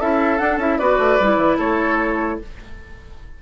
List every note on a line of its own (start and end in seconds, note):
0.00 0.40 C#4
0.00 0.39 E4
0.00 0.79 A4
0.00 0.38 E5
0.38 0.59 D4
0.38 0.57 D4
0.38 0.58 F#5
0.57 0.77 C#4
0.57 0.80 E4
0.57 0.78 E5
0.78 0.98 B3
0.78 1.20 F#4
0.78 1.58 B4
0.78 1.58 D5
0.98 1.18 A3
1.20 1.37 G3
1.20 2.42 E4
1.37 1.57 E3
1.58 2.40 A3
1.58 2.38 A4
1.58 2.40 C#5